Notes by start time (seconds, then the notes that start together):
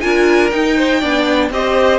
0.00 D4 F4 A#4 G#5
0.50 D#4 G5
0.77 C5
0.99 B3 D4 D5
1.50 C4 G4 C5 D#5